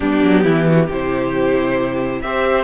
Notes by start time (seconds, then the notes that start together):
0.00 G3 B3 D4 G4
0.23 F#3
0.44 E3 E4
0.66 F#4
0.86 C3 E4 G4
0.93 C5
2.21 C4 G4 C5 E5